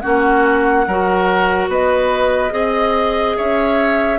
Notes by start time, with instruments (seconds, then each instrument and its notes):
0.00 bassoon A#3, clarinet C#4, oboe F#4, flute F#5
0.87 bassoon F#3, clarinet F#4, oboe A#4
1.68 bassoon B3, oboe B4, flute D#5
2.50 bassoon C4, clarinet G#4, oboe D#5
3.37 bassoon C#4, oboe C#5, flute E5